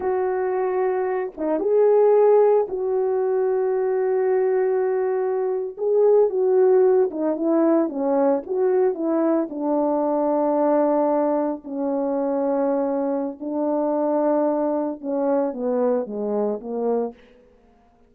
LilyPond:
\new Staff \with { instrumentName = "horn" } { \time 4/4 \tempo 4 = 112 fis'2~ fis'8 dis'8 gis'4~ | gis'4 fis'2.~ | fis'2~ fis'8. gis'4 fis'16~ | fis'4~ fis'16 dis'8 e'4 cis'4 fis'16~ |
fis'8. e'4 d'2~ d'16~ | d'4.~ d'16 cis'2~ cis'16~ | cis'4 d'2. | cis'4 b4 gis4 ais4 | }